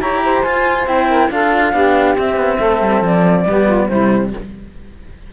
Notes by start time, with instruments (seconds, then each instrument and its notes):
0.00 cello E4 G4, saxophone C#5, flute A#5
0.25 saxophone C5
0.43 cello F4, flute G#5
0.87 cello C4 E4, flute G5
1.09 saxophone A#4
1.30 cello D4 F4, saxophone A4, flute F5
1.73 cello B3 D4, saxophone G4
2.16 cello C4, flute E5
2.36 cello B3
2.58 cello A3, saxophone A4
2.81 cello G3
3.02 cello F3, flute D5
3.45 cello G3 B3, saxophone G4
3.65 saxophone F4
3.88 cello C3 G3, saxophone E4, flute C5